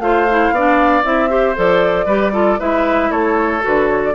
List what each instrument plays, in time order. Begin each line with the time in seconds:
0.00 bassoon A3, clarinet F4, oboe C5, flute F5
0.30 clarinet E4
0.51 bassoon B3, clarinet D4, oboe D5
1.04 bassoon C4, clarinet E4, flute E5
1.30 clarinet G4, oboe C5
1.56 bassoon F3, clarinet A4, flute D5
2.06 bassoon G3, clarinet G4, oboe B4
2.33 clarinet F4, oboe A4
2.59 bassoon G#3, clarinet E4, oboe B4, flute E5
3.11 bassoon A3, oboe A4, flute C#5
3.61 bassoon D3, clarinet F#4, flute B4
3.89 flute C#5
4.05 flute D5